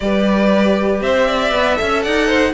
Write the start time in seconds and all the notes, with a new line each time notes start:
0.00 G3 G4 B4 D5
1.01 C4 C5 E5
1.27 D5
1.51 B3 B4
1.75 A4 E5
1.81 C#4
2.02 D#4 D5 F#5
2.26 C5